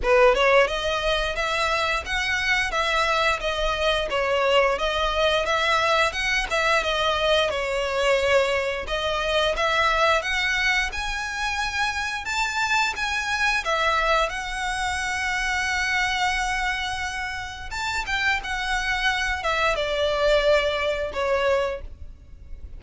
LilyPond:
\new Staff \with { instrumentName = "violin" } { \time 4/4 \tempo 4 = 88 b'8 cis''8 dis''4 e''4 fis''4 | e''4 dis''4 cis''4 dis''4 | e''4 fis''8 e''8 dis''4 cis''4~ | cis''4 dis''4 e''4 fis''4 |
gis''2 a''4 gis''4 | e''4 fis''2.~ | fis''2 a''8 g''8 fis''4~ | fis''8 e''8 d''2 cis''4 | }